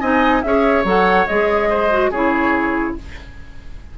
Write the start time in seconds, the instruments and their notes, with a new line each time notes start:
0.00 bassoon C4, clarinet D#4, oboe D#5, flute G#5
0.42 bassoon C#4, clarinet G#4, oboe C#5, flute E5
0.84 bassoon F#3, clarinet A4, flute F#5
1.27 bassoon G#3, clarinet G#4, flute D#5
1.69 oboe C5
1.90 clarinet F#4
2.11 bassoon C#3, clarinet E4, oboe G#4, flute C#5